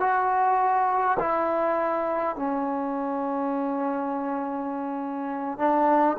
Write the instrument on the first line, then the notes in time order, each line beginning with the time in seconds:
trombone
0.00 F#4
1.20 E4
2.36 C#4
5.59 D4